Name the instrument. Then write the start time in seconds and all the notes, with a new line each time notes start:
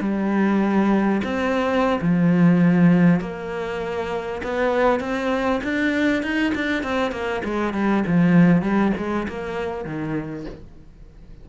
cello
0.00 G3
1.23 C4
2.01 F3
3.20 A#3
4.43 B3
5.00 C4
5.63 D4
6.22 D#4
6.55 D4
6.83 C4
7.11 A#3
7.44 G#3
7.73 G3
8.06 F3
8.62 G3
8.97 G#3
9.28 A#3
9.84 D#3